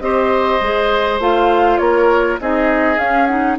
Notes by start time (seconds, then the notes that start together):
0.00 C4 G4 C5 D#5
0.61 G#3 G#4
1.19 A3 F4 F5
1.78 A#3 A#4 C#5
2.40 C4 D#4 G#4 D#5
2.98 C#4 F5
3.26 D#4 F#5